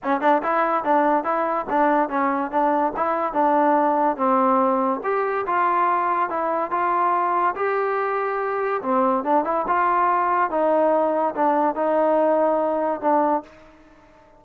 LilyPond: \new Staff \with { instrumentName = "trombone" } { \time 4/4 \tempo 4 = 143 cis'8 d'8 e'4 d'4 e'4 | d'4 cis'4 d'4 e'4 | d'2 c'2 | g'4 f'2 e'4 |
f'2 g'2~ | g'4 c'4 d'8 e'8 f'4~ | f'4 dis'2 d'4 | dis'2. d'4 | }